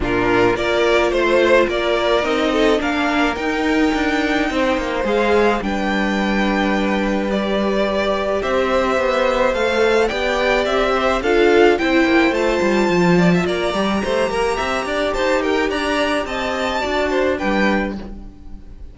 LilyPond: <<
  \new Staff \with { instrumentName = "violin" } { \time 4/4 \tempo 4 = 107 ais'4 d''4 c''4 d''4 | dis''4 f''4 g''2~ | g''4 f''4 g''2~ | g''4 d''2 e''4~ |
e''4 f''4 g''4 e''4 | f''4 g''4 a''2 | ais''2. a''8 g''8 | ais''4 a''2 g''4 | }
  \new Staff \with { instrumentName = "violin" } { \time 4/4 f'4 ais'4 c''4 ais'4~ | ais'8 a'8 ais'2. | c''2 b'2~ | b'2. c''4~ |
c''2 d''4. c''8 | a'4 c''2~ c''8 d''16 e''16 | d''4 c''8 ais'8 e''8 d''8 c''8 ais'8 | d''4 dis''4 d''8 c''8 b'4 | }
  \new Staff \with { instrumentName = "viola" } { \time 4/4 d'4 f'2. | dis'4 d'4 dis'2~ | dis'4 gis'4 d'2~ | d'4 g'2.~ |
g'4 a'4 g'2 | f'4 e'4 f'2~ | f'8 g'2.~ g'8~ | g'2 fis'4 d'4 | }
  \new Staff \with { instrumentName = "cello" } { \time 4/4 ais,4 ais4 a4 ais4 | c'4 ais4 dis'4 d'4 | c'8 ais8 gis4 g2~ | g2. c'4 |
b4 a4 b4 c'4 | d'4 c'8 ais8 a8 g8 f4 | ais8 g8 a8 ais8 c'8 d'8 dis'4 | d'4 c'4 d'4 g4 | }
>>